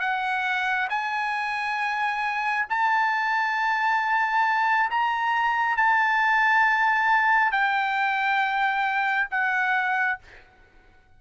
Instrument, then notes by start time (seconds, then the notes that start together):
trumpet
0.00 F#5
0.89 G#5
2.70 A5
4.91 A#5
5.77 A5
7.52 G5
9.30 F#5